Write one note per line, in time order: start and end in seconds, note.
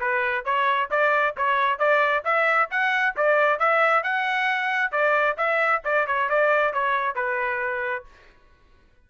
0.00 0.45 B4
0.45 0.90 C#5
0.90 1.35 D5
1.37 1.79 C#5
1.79 2.23 D5
2.24 2.69 E5
2.70 3.15 F#5
3.16 3.59 D5
3.59 4.03 E5
4.03 4.92 F#5
4.92 5.36 D5
5.37 5.82 E5
5.84 6.07 D5
6.07 6.29 C#5
6.29 6.73 D5
6.73 7.15 C#5
7.15 8.05 B4